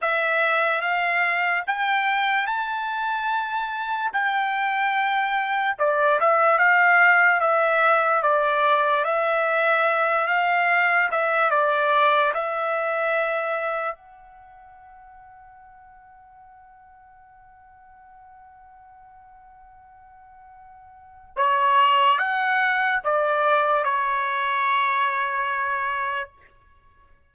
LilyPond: \new Staff \with { instrumentName = "trumpet" } { \time 4/4 \tempo 4 = 73 e''4 f''4 g''4 a''4~ | a''4 g''2 d''8 e''8 | f''4 e''4 d''4 e''4~ | e''8 f''4 e''8 d''4 e''4~ |
e''4 fis''2.~ | fis''1~ | fis''2 cis''4 fis''4 | d''4 cis''2. | }